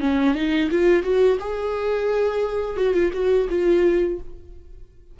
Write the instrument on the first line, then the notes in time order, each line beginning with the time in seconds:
viola
0.00 C#4
0.34 D#4
0.70 F4
1.03 F#4
1.39 G#4
2.77 F#4
2.93 F4
3.13 F#4
3.49 F4